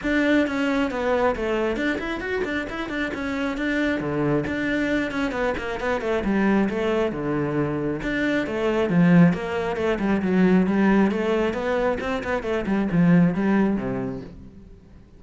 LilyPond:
\new Staff \with { instrumentName = "cello" } { \time 4/4 \tempo 4 = 135 d'4 cis'4 b4 a4 | d'8 e'8 fis'8 d'8 e'8 d'8 cis'4 | d'4 d4 d'4. cis'8 | b8 ais8 b8 a8 g4 a4 |
d2 d'4 a4 | f4 ais4 a8 g8 fis4 | g4 a4 b4 c'8 b8 | a8 g8 f4 g4 c4 | }